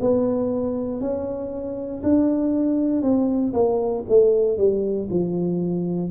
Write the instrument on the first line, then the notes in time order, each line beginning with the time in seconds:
tuba
0.00 B3
1.01 C#4
2.03 D4
3.02 C4
3.54 A#3
4.09 A3
4.58 G3
5.10 F3